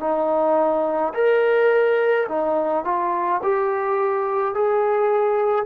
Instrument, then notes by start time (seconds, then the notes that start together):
trombone
0.00 D#4
1.14 A#4
2.28 D#4
2.85 F4
3.43 G4
4.54 G#4